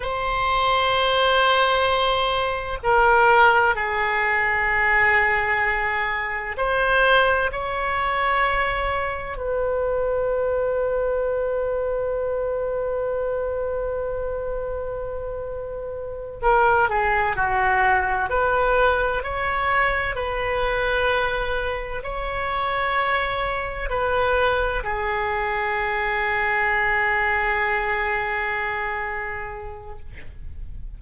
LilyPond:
\new Staff \with { instrumentName = "oboe" } { \time 4/4 \tempo 4 = 64 c''2. ais'4 | gis'2. c''4 | cis''2 b'2~ | b'1~ |
b'4. ais'8 gis'8 fis'4 b'8~ | b'8 cis''4 b'2 cis''8~ | cis''4. b'4 gis'4.~ | gis'1 | }